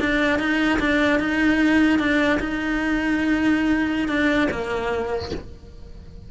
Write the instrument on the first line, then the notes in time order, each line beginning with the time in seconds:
cello
0.00 D4
0.39 D#4
0.79 D4
1.19 D#4
1.99 D4
2.40 D#4
4.08 D4
4.51 A#3